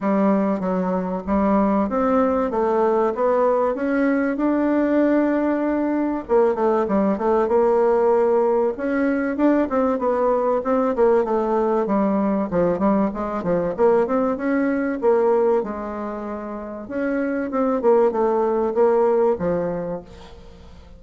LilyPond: \new Staff \with { instrumentName = "bassoon" } { \time 4/4 \tempo 4 = 96 g4 fis4 g4 c'4 | a4 b4 cis'4 d'4~ | d'2 ais8 a8 g8 a8 | ais2 cis'4 d'8 c'8 |
b4 c'8 ais8 a4 g4 | f8 g8 gis8 f8 ais8 c'8 cis'4 | ais4 gis2 cis'4 | c'8 ais8 a4 ais4 f4 | }